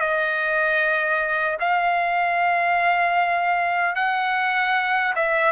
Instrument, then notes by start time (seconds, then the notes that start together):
trumpet
0.00 D#5
1.60 F5
3.95 F#5
5.16 E5